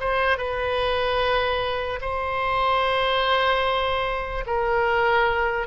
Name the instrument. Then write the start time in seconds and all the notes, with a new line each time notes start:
oboe
0.00 C5
0.38 B4
2.01 C5
4.47 A#4